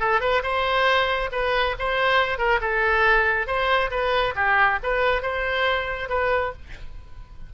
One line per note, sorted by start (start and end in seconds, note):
0.00 0.21 A4
0.21 0.42 B4
0.43 1.30 C5
1.32 1.75 B4
1.79 2.38 C5
2.38 2.60 A#4
2.61 3.47 A4
3.47 3.90 C5
3.91 4.34 B4
4.36 4.79 G4
4.83 5.22 B4
5.22 6.09 C5
6.09 6.53 B4